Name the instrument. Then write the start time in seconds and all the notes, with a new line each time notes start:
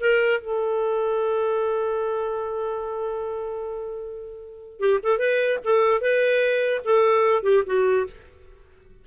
clarinet
0.00 A#4
0.40 A4
4.79 G4
5.03 A4
5.18 B4
5.64 A4
6.01 B4
6.84 A4
7.43 G4
7.66 F#4